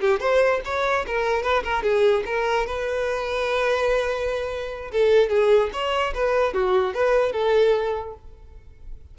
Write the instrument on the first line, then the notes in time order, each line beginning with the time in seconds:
violin
0.00 G4
0.19 C5
0.64 C#5
1.06 A#4
1.42 B4
1.63 A#4
1.82 G#4
2.25 A#4
2.66 B4
4.91 A4
5.29 G#4
5.72 C#5
6.14 B4
6.53 F#4
6.94 B4
7.32 A4